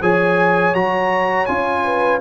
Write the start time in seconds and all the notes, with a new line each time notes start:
0.00 F3 G#4 C#5 G#5
0.74 F#3 F#4 A#5
1.45 C#4 F4 G#5
1.84 B4